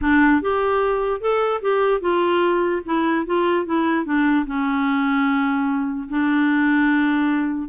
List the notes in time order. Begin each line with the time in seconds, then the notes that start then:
0.01 D4
0.41 G4
1.21 A4
1.61 G4
2.01 F4
2.85 E4
3.26 F4
3.65 E4
4.05 D4
4.46 C#4
6.08 D4